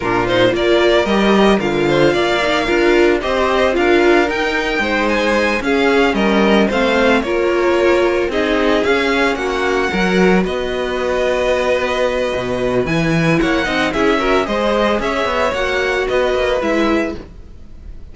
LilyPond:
<<
  \new Staff \with { instrumentName = "violin" } { \time 4/4 \tempo 4 = 112 ais'8 c''8 d''4 dis''4 f''4~ | f''2 dis''4 f''4 | g''4. gis''4 f''4 dis''8~ | dis''8 f''4 cis''2 dis''8~ |
dis''8 f''4 fis''2 dis''8~ | dis''1 | gis''4 fis''4 e''4 dis''4 | e''4 fis''4 dis''4 e''4 | }
  \new Staff \with { instrumentName = "violin" } { \time 4/4 f'4 ais'2~ ais'8 c''8 | d''4 ais'4 c''4 ais'4~ | ais'4 c''4. gis'4 ais'8~ | ais'8 c''4 ais'2 gis'8~ |
gis'4. fis'4 ais'4 b'8~ | b'1~ | b'4 cis''8 dis''8 gis'8 ais'8 c''4 | cis''2 b'2 | }
  \new Staff \with { instrumentName = "viola" } { \time 4/4 d'8 dis'8 f'4 g'4 f'4~ | f'8 dis'8 f'4 g'4 f'4 | dis'2~ dis'8 cis'4.~ | cis'8 c'4 f'2 dis'8~ |
dis'8 cis'2 fis'4.~ | fis'1 | e'4. dis'8 e'8 fis'8 gis'4~ | gis'4 fis'2 e'4 | }
  \new Staff \with { instrumentName = "cello" } { \time 4/4 ais,4 ais4 g4 d4 | ais4 d'4 c'4 d'4 | dis'4 gis4. cis'4 g8~ | g8 a4 ais2 c'8~ |
c'8 cis'4 ais4 fis4 b8~ | b2. b,4 | e4 ais8 c'8 cis'4 gis4 | cis'8 b8 ais4 b8 ais8 gis4 | }
>>